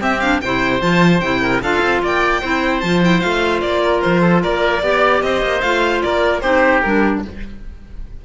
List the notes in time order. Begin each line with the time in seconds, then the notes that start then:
0.00 C4 G4 E5
0.20 D4 F5
0.41 C3 E4 C5 G5
0.81 F3 F4 A5
1.20 C3 E4 G5
1.41 A#4
1.61 D4 F4 A4 F5
1.82 C4
2.02 A#3 D5 G5
2.41 C4 E4 C5
2.80 F3 F4 A5
3.02 E4 G5
3.20 A3 F4 F5
3.60 A#3 D5
3.83 A#4
4.01 F3 C5
4.21 A4
4.42 A#3 A#4 D5
4.82 B3 G4 D5
5.22 C4 C5 D#5
5.42 A#3
5.61 A3 F4 F5
6.02 A#3 A#4 D5
6.40 C4 D#4 G4 C5
6.81 G3 D4 A#4